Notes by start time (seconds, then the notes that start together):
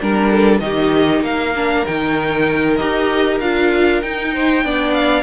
0.00 G3 D4 A#4
0.30 A4
0.60 D#3 D#4 G4 D#5
1.20 A#3 A#4 F5
1.55 D4
1.86 D#3 D#4 G5
2.76 D#4 G4 D#5
3.40 D4 F4 F5
4.01 D#4 G5
4.33 C5
4.64 B3 D4 D5
4.93 F5